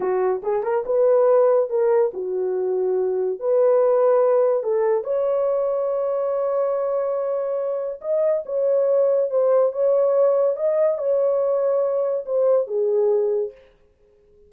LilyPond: \new Staff \with { instrumentName = "horn" } { \time 4/4 \tempo 4 = 142 fis'4 gis'8 ais'8 b'2 | ais'4 fis'2. | b'2. a'4 | cis''1~ |
cis''2. dis''4 | cis''2 c''4 cis''4~ | cis''4 dis''4 cis''2~ | cis''4 c''4 gis'2 | }